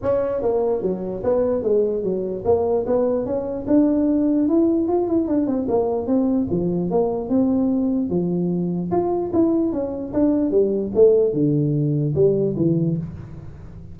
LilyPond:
\new Staff \with { instrumentName = "tuba" } { \time 4/4 \tempo 4 = 148 cis'4 ais4 fis4 b4 | gis4 fis4 ais4 b4 | cis'4 d'2 e'4 | f'8 e'8 d'8 c'8 ais4 c'4 |
f4 ais4 c'2 | f2 f'4 e'4 | cis'4 d'4 g4 a4 | d2 g4 e4 | }